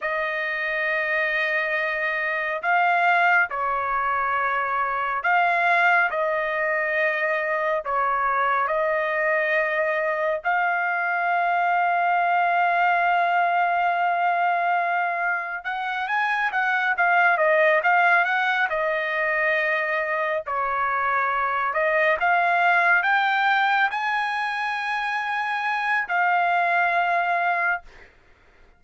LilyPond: \new Staff \with { instrumentName = "trumpet" } { \time 4/4 \tempo 4 = 69 dis''2. f''4 | cis''2 f''4 dis''4~ | dis''4 cis''4 dis''2 | f''1~ |
f''2 fis''8 gis''8 fis''8 f''8 | dis''8 f''8 fis''8 dis''2 cis''8~ | cis''4 dis''8 f''4 g''4 gis''8~ | gis''2 f''2 | }